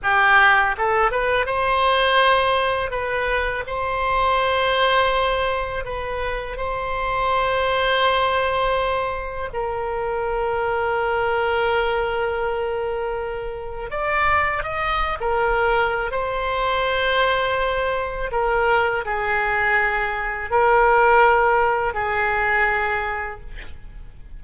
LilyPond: \new Staff \with { instrumentName = "oboe" } { \time 4/4 \tempo 4 = 82 g'4 a'8 b'8 c''2 | b'4 c''2. | b'4 c''2.~ | c''4 ais'2.~ |
ais'2. d''4 | dis''8. ais'4~ ais'16 c''2~ | c''4 ais'4 gis'2 | ais'2 gis'2 | }